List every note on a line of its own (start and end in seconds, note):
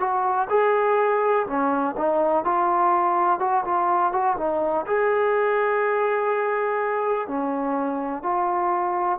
0.00 0.48 F#4
0.50 1.47 G#4
1.47 1.96 C#4
1.98 2.45 D#4
2.45 3.40 F4
3.40 3.64 F#4
3.65 4.13 F4
4.13 4.37 F#4
4.38 4.86 D#4
4.87 7.28 G#4
7.28 8.23 C#4
8.23 9.19 F4